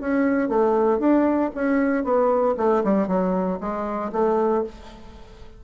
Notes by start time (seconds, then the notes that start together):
0.00 C#4
0.49 A3
0.99 D4
1.55 C#4
2.04 B3
2.57 A3
2.84 G3
3.07 F#3
3.60 G#3
4.13 A3